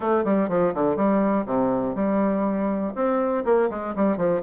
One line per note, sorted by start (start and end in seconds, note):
0.00 0.24 A3
0.24 0.48 G3
0.48 0.73 F3
0.74 0.96 D3
0.96 1.45 G3
1.46 1.95 C3
1.95 2.93 G3
2.95 3.44 C4
3.44 3.69 A#3
3.70 3.94 G#3
3.95 4.17 G3
4.17 4.42 F3